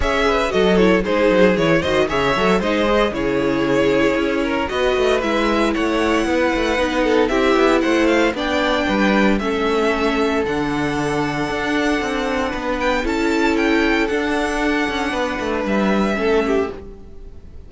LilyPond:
<<
  \new Staff \with { instrumentName = "violin" } { \time 4/4 \tempo 4 = 115 e''4 dis''8 cis''8 c''4 cis''8 dis''8 | e''4 dis''4 cis''2~ | cis''4 dis''4 e''4 fis''4~ | fis''2 e''4 fis''8 f''8 |
g''2 e''2 | fis''1~ | fis''8 g''8 a''4 g''4 fis''4~ | fis''2 e''2 | }
  \new Staff \with { instrumentName = "violin" } { \time 4/4 cis''8 b'8 a'4 gis'4. c''8 | cis''4 c''4 gis'2~ | gis'8 ais'8 b'2 cis''4 | b'4. a'8 g'4 c''4 |
d''4 b'4 a'2~ | a'1 | b'4 a'2.~ | a'4 b'2 a'8 g'8 | }
  \new Staff \with { instrumentName = "viola" } { \time 4/4 gis'4 fis'8 e'8 dis'4 e'8 fis'8 | gis'8 a'8 dis'8 gis'8 e'2~ | e'4 fis'4 e'2~ | e'4 dis'4 e'2 |
d'2 cis'2 | d'1~ | d'4 e'2 d'4~ | d'2. cis'4 | }
  \new Staff \with { instrumentName = "cello" } { \time 4/4 cis'4 fis4 gis8 fis8 e8 dis8 | cis8 fis8 gis4 cis2 | cis'4 b8 a8 gis4 a4 | b8 a8 b4 c'8 b8 a4 |
b4 g4 a2 | d2 d'4 c'4 | b4 cis'2 d'4~ | d'8 cis'8 b8 a8 g4 a4 | }
>>